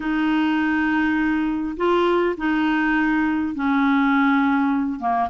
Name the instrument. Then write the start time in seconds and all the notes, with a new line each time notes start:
clarinet
0.00 D#4
1.76 F4
2.37 D#4
3.55 C#4
4.99 A#3